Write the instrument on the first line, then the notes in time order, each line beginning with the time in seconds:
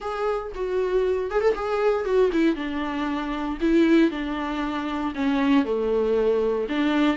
viola
0.00 G#4
0.55 F#4
1.31 G#4
1.41 A4
1.55 G#4
2.04 F#4
2.32 E4
2.55 D4
3.60 E4
4.10 D4
5.14 C#4
5.64 A3
6.68 D4